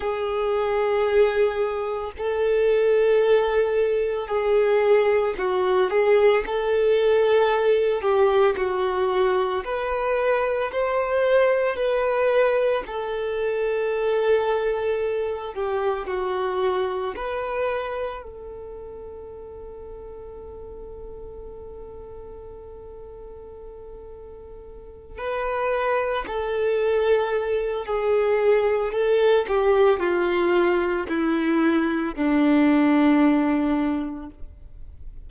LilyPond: \new Staff \with { instrumentName = "violin" } { \time 4/4 \tempo 4 = 56 gis'2 a'2 | gis'4 fis'8 gis'8 a'4. g'8 | fis'4 b'4 c''4 b'4 | a'2~ a'8 g'8 fis'4 |
b'4 a'2.~ | a'2.~ a'8 b'8~ | b'8 a'4. gis'4 a'8 g'8 | f'4 e'4 d'2 | }